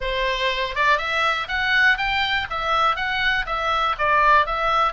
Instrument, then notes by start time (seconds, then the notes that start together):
oboe
0.00 C5
0.75 D5
0.97 E5
1.47 F#5
1.97 G5
2.50 E5
2.95 F#5
3.46 E5
3.98 D5
4.45 E5